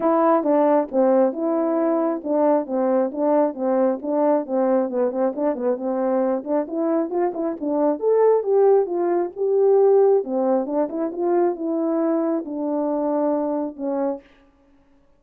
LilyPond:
\new Staff \with { instrumentName = "horn" } { \time 4/4 \tempo 4 = 135 e'4 d'4 c'4 e'4~ | e'4 d'4 c'4 d'4 | c'4 d'4 c'4 b8 c'8 | d'8 b8 c'4. d'8 e'4 |
f'8 e'8 d'4 a'4 g'4 | f'4 g'2 c'4 | d'8 e'8 f'4 e'2 | d'2. cis'4 | }